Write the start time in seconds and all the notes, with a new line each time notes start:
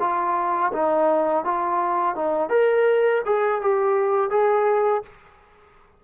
0.00 F4
0.73 D#4
1.45 F4
2.16 D#4
2.50 A#4
3.26 G#4
3.62 G4
4.31 G#4